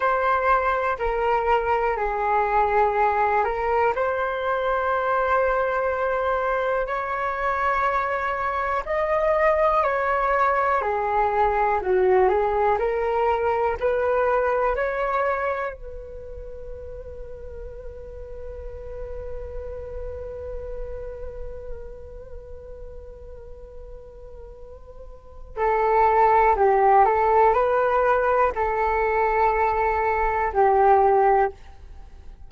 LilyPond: \new Staff \with { instrumentName = "flute" } { \time 4/4 \tempo 4 = 61 c''4 ais'4 gis'4. ais'8 | c''2. cis''4~ | cis''4 dis''4 cis''4 gis'4 | fis'8 gis'8 ais'4 b'4 cis''4 |
b'1~ | b'1~ | b'2 a'4 g'8 a'8 | b'4 a'2 g'4 | }